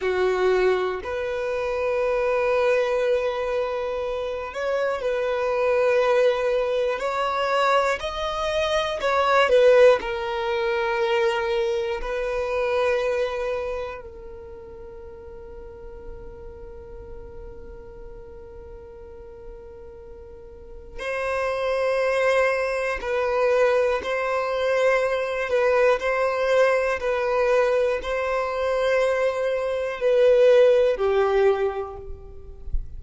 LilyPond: \new Staff \with { instrumentName = "violin" } { \time 4/4 \tempo 4 = 60 fis'4 b'2.~ | b'8 cis''8 b'2 cis''4 | dis''4 cis''8 b'8 ais'2 | b'2 ais'2~ |
ais'1~ | ais'4 c''2 b'4 | c''4. b'8 c''4 b'4 | c''2 b'4 g'4 | }